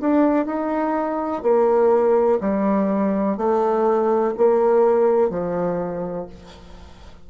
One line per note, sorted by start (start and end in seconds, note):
0.00 0.45 D4
0.45 1.42 D#4
1.42 2.39 A#3
2.40 3.37 G3
3.37 4.34 A3
4.37 5.29 A#3
5.29 6.26 F3